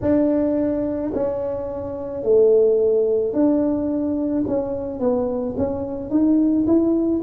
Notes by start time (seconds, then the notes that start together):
0.02 D4
1.14 C#4
2.23 A3
3.33 D4
4.47 C#4
4.99 B3
5.57 C#4
6.10 D#4
6.66 E4